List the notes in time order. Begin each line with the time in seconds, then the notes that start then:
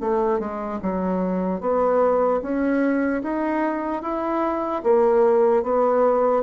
0.00 A3
0.39 G#3
0.82 F#3
1.60 B3
2.42 C#4
3.23 D#4
4.02 E4
4.83 A#3
5.63 B3